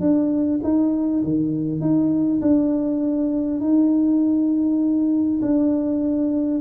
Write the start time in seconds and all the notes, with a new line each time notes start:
0.00 D4
0.63 D#4
1.23 D#3
1.80 D#4
2.41 D4
3.61 D#4
5.41 D4